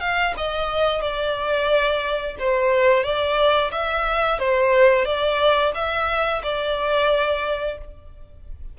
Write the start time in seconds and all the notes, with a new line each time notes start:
0.00 F5
0.37 D#5
1.01 D5
2.39 C5
3.03 D5
3.71 E5
4.39 C5
5.05 D5
5.74 E5
6.43 D5